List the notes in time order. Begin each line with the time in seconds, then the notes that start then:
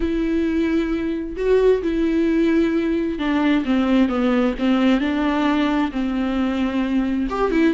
0.00 E4
1.36 F#4
1.82 E4
3.19 D4
3.65 C4
4.08 B3
4.58 C4
5.00 D4
5.91 C4
7.29 G4
7.51 E4